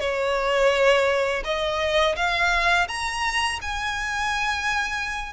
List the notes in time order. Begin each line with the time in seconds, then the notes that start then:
0.00 C#5
1.44 D#5
2.16 F5
2.88 A#5
3.61 G#5